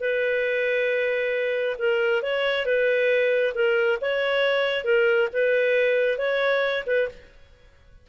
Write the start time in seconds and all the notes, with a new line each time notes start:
0.00 B4
1.78 A#4
2.22 C#5
2.65 B4
3.54 A#4
4.01 C#5
4.84 A#4
5.33 B4
6.17 C#5
6.86 B4